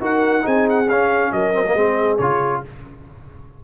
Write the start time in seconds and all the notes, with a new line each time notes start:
0.00 D#4 F#4 A#4 F#5
0.41 C4 D#4 G#4 G#5
0.69 F#5
0.88 C#4 F5
1.32 F#3 A#4 D#5
1.53 C4
1.66 A#3
1.73 G#3 C4 G#4
2.18 C#3 F4 C#5